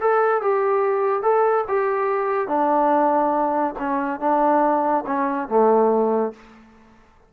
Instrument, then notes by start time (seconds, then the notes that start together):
trombone
0.00 A4
0.41 G4
1.22 A4
1.67 G4
2.47 D4
3.78 C#4
4.20 D4
5.06 C#4
5.48 A3